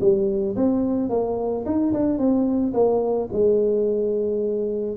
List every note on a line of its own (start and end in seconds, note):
0.00 0.55 G3
0.56 1.09 C4
1.09 1.64 A#3
1.65 1.93 D#4
1.93 2.18 D4
2.18 2.73 C4
2.73 3.29 A#3
3.32 4.96 G#3